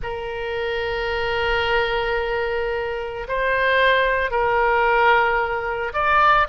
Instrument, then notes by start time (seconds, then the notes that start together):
oboe
0.02 A#4
3.28 C5
4.30 A#4
5.93 D5